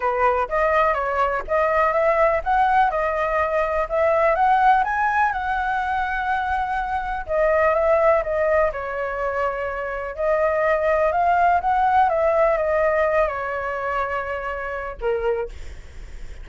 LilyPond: \new Staff \with { instrumentName = "flute" } { \time 4/4 \tempo 4 = 124 b'4 dis''4 cis''4 dis''4 | e''4 fis''4 dis''2 | e''4 fis''4 gis''4 fis''4~ | fis''2. dis''4 |
e''4 dis''4 cis''2~ | cis''4 dis''2 f''4 | fis''4 e''4 dis''4. cis''8~ | cis''2. ais'4 | }